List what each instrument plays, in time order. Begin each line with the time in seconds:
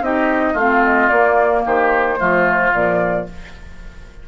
0.00 bassoon C4, clarinet D#4, oboe G4, flute D#5
0.53 bassoon A3, clarinet C4, oboe F4, flute F5
0.84 flute D#5
1.09 bassoon A#3, clarinet A#3, flute D5
1.65 bassoon D#3, oboe G4, flute C5
2.17 bassoon F3, clarinet A3, oboe F4
2.72 bassoon A#2, clarinet F3, flute D5